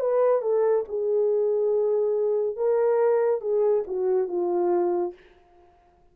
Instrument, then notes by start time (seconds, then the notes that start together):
horn
0.00 B4
0.42 A4
0.88 G#4
2.56 A#4
3.41 G#4
3.87 F#4
4.28 F4